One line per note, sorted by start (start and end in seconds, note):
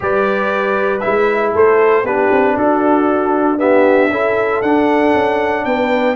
0.00 1.03 G3
0.00 1.00 G4
0.00 1.53 B4
0.00 1.00 D5
1.00 1.54 G#3
1.00 2.05 E4
1.00 1.51 E5
1.53 2.03 A3
1.53 2.04 A4
1.53 2.05 C5
2.03 2.29 B3
2.03 3.57 D4
2.03 2.56 G4
2.03 2.57 B4
2.31 2.57 C4
2.57 4.10 D4
2.57 3.58 F#4
2.57 3.59 A4
3.57 4.09 B3
3.57 4.10 G4
3.57 4.61 E5
4.10 4.61 C#4
4.10 4.63 E4
4.10 5.65 A4
4.62 5.13 D4
4.62 6.15 D4
4.62 5.64 F#5
5.13 5.65 C#4
5.64 6.15 B3
5.64 6.15 B4
5.64 6.15 G5